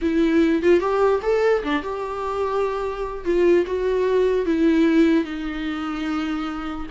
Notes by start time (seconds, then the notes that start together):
0.01 E4
0.62 F4
0.79 G4
1.22 A4
1.63 D4
1.82 G4
3.24 F4
3.66 F#4
4.45 E4
5.24 D#4